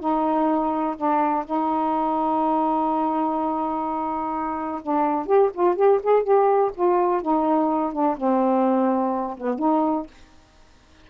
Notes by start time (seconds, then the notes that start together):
0.00 D#4
0.96 D4
1.45 D#4
4.82 D4
5.26 G4
5.54 F4
5.76 G4
6.03 G#4
6.23 G4
6.75 F4
7.22 D#4
7.92 D4
8.17 C4
9.37 B3
9.59 D#4